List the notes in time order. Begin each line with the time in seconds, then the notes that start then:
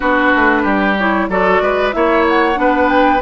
0.00 B3 D4 F#4 B4
0.35 A3
0.62 G3 G4
0.97 E4 C#5
1.28 F#3 F#4 A4 D5
1.61 G#3 B4
1.92 A#3 E4 C#5 E5
2.28 F#5
2.54 B3 D4 B4
2.88 G5